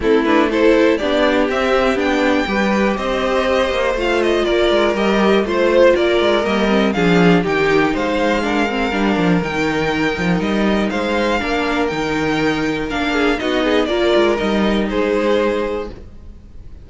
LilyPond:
<<
  \new Staff \with { instrumentName = "violin" } { \time 4/4 \tempo 4 = 121 a'8 b'8 c''4 d''4 e''4 | g''2 dis''2 | f''8 dis''8 d''4 dis''4 c''4 | d''4 dis''4 f''4 g''4 |
f''2. g''4~ | g''4 dis''4 f''2 | g''2 f''4 dis''4 | d''4 dis''4 c''2 | }
  \new Staff \with { instrumentName = "violin" } { \time 4/4 e'4 a'4 g'2~ | g'4 b'4 c''2~ | c''4 ais'2 c''4 | ais'2 gis'4 g'4 |
c''4 ais'2.~ | ais'2 c''4 ais'4~ | ais'2~ ais'8 gis'8 fis'8 gis'8 | ais'2 gis'2 | }
  \new Staff \with { instrumentName = "viola" } { \time 4/4 c'8 d'8 e'4 d'4 c'4 | d'4 g'2. | f'2 g'4 f'4~ | f'4 ais8 c'8 d'4 dis'4~ |
dis'4 d'8 c'8 d'4 dis'4~ | dis'2. d'4 | dis'2 d'4 dis'4 | f'4 dis'2. | }
  \new Staff \with { instrumentName = "cello" } { \time 4/4 a2 b4 c'4 | b4 g4 c'4. ais8 | a4 ais8 gis8 g4 a4 | ais8 gis8 g4 f4 dis4 |
gis2 g8 f8 dis4~ | dis8 f8 g4 gis4 ais4 | dis2 ais4 b4 | ais8 gis8 g4 gis2 | }
>>